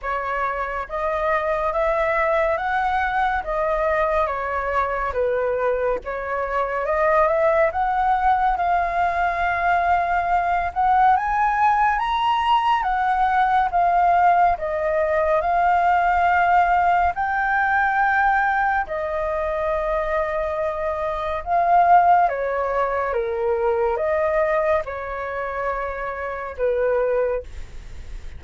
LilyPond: \new Staff \with { instrumentName = "flute" } { \time 4/4 \tempo 4 = 70 cis''4 dis''4 e''4 fis''4 | dis''4 cis''4 b'4 cis''4 | dis''8 e''8 fis''4 f''2~ | f''8 fis''8 gis''4 ais''4 fis''4 |
f''4 dis''4 f''2 | g''2 dis''2~ | dis''4 f''4 cis''4 ais'4 | dis''4 cis''2 b'4 | }